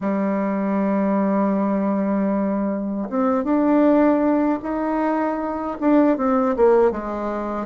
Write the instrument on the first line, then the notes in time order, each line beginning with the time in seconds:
bassoon
0.00 G3
3.09 C4
3.44 D4
4.62 D#4
5.80 D4
6.17 C4
6.56 A#3
6.91 G#3